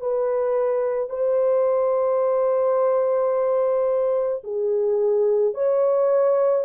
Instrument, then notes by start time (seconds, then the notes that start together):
horn
0.00 B4
1.10 C5
4.43 G#4
5.54 C#5